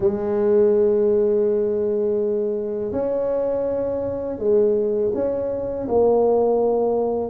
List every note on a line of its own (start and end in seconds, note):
0.00 2.92 G#3
2.92 4.38 C#4
4.38 5.11 G#3
5.14 5.87 C#4
5.88 7.29 A#3